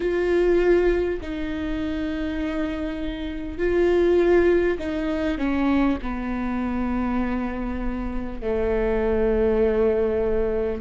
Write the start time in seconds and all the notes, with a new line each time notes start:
0.00 F4
1.21 D#4
3.58 F4
4.78 D#4
5.38 C#4
6.02 B3
8.41 A3